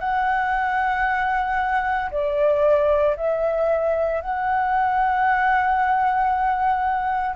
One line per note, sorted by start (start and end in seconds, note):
0.00 2.11 F#5
2.11 3.16 D5
3.17 4.22 E5
4.22 7.36 F#5